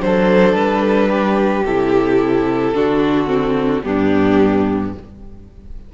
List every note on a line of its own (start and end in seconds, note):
0.00 0.53 F#3
0.00 1.64 D4
0.00 1.09 A4
0.00 0.55 C5
0.53 1.62 G3
0.53 1.64 B4
1.09 2.73 G4
1.65 2.74 C3
1.65 2.75 E4
1.65 3.83 A4
2.74 3.83 D3
2.74 3.26 D4
2.74 3.84 F#4
3.26 3.81 C4
3.83 4.93 G2
3.83 4.93 B3
3.83 4.93 D4
3.83 4.92 G4